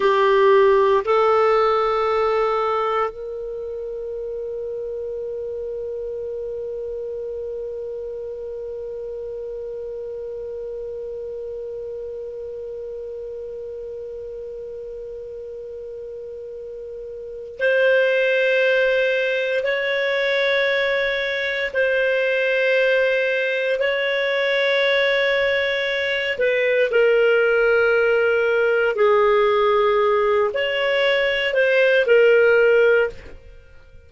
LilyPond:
\new Staff \with { instrumentName = "clarinet" } { \time 4/4 \tempo 4 = 58 g'4 a'2 ais'4~ | ais'1~ | ais'1~ | ais'1~ |
ais'4 c''2 cis''4~ | cis''4 c''2 cis''4~ | cis''4. b'8 ais'2 | gis'4. cis''4 c''8 ais'4 | }